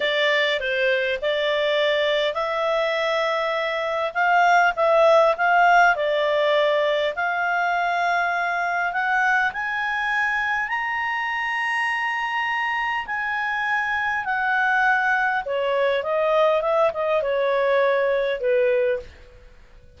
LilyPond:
\new Staff \with { instrumentName = "clarinet" } { \time 4/4 \tempo 4 = 101 d''4 c''4 d''2 | e''2. f''4 | e''4 f''4 d''2 | f''2. fis''4 |
gis''2 ais''2~ | ais''2 gis''2 | fis''2 cis''4 dis''4 | e''8 dis''8 cis''2 b'4 | }